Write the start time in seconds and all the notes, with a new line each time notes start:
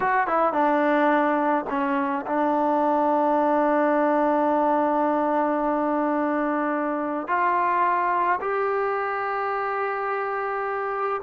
0.00 F#4
0.27 E4
0.53 D4
1.69 C#4
2.26 D4
7.27 F4
8.40 G4